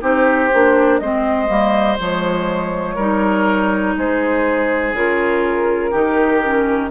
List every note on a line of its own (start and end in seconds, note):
0.00 0.51 C4
0.00 0.49 D#4
0.00 1.00 G4
0.00 0.98 C5
0.53 1.00 A#3
0.53 1.02 D4
0.98 1.49 G#3
0.98 1.47 C4
0.98 2.95 C5
0.98 1.97 D#5
1.47 1.98 G3
1.47 1.96 A#3
1.99 2.97 F3
1.99 2.98 G#3
1.99 3.97 C#5
2.95 3.95 G3
2.95 4.95 D#4
2.95 3.94 A#4
3.97 4.93 G#3
3.97 5.91 G#4
3.97 4.95 C5
4.93 5.91 C#3
4.93 5.92 F4
4.93 6.91 A#4
5.91 6.91 D#3
5.91 6.41 D#4
5.91 6.89 G4
6.44 6.91 C#4